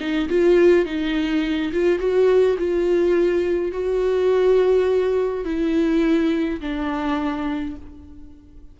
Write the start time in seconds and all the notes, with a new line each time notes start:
0.00 D#4
0.29 F4
0.85 D#4
1.73 F4
1.99 F#4
2.58 F4
3.72 F#4
5.45 E4
6.61 D4